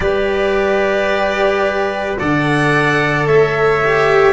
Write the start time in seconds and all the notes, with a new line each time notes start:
0.00 G3 G4 B4 D5
2.19 D3 A4 D5 F#5
3.26 A3 C#5 E5
3.83 G4